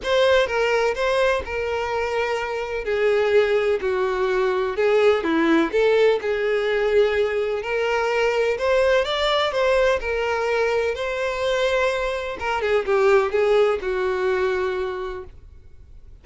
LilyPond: \new Staff \with { instrumentName = "violin" } { \time 4/4 \tempo 4 = 126 c''4 ais'4 c''4 ais'4~ | ais'2 gis'2 | fis'2 gis'4 e'4 | a'4 gis'2. |
ais'2 c''4 d''4 | c''4 ais'2 c''4~ | c''2 ais'8 gis'8 g'4 | gis'4 fis'2. | }